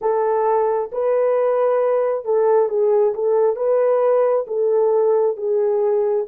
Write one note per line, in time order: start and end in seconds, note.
0.01 0.90 A4
0.92 2.24 B4
2.24 2.68 A4
2.68 3.13 G#4
3.14 3.56 A4
3.56 4.45 B4
4.47 5.36 A4
5.36 6.26 G#4